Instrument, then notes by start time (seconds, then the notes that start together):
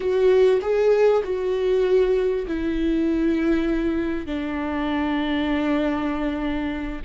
viola
0.00 F#4
0.61 G#4
1.23 F#4
2.47 E4
4.26 D4